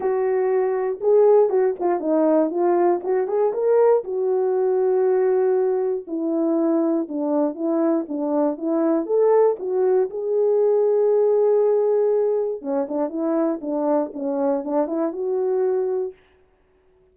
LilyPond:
\new Staff \with { instrumentName = "horn" } { \time 4/4 \tempo 4 = 119 fis'2 gis'4 fis'8 f'8 | dis'4 f'4 fis'8 gis'8 ais'4 | fis'1 | e'2 d'4 e'4 |
d'4 e'4 a'4 fis'4 | gis'1~ | gis'4 cis'8 d'8 e'4 d'4 | cis'4 d'8 e'8 fis'2 | }